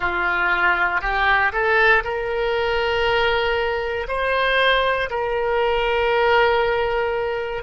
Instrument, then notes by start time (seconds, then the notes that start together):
oboe
0.00 F4
1.01 G4
1.52 A4
2.03 A#4
4.08 C5
5.09 A#4